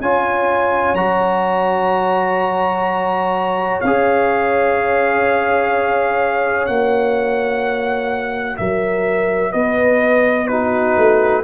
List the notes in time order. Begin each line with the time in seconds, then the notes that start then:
0.00 C#4 F4 C#5 G#5
0.94 F#3 F#4 A#5
3.81 C#4 G#4 F5
6.66 A#3 F#4 F#5
8.57 F#3 A#4 E5
9.52 B3 B4 D#5
10.47 D#4 F#4 B4
10.97 A3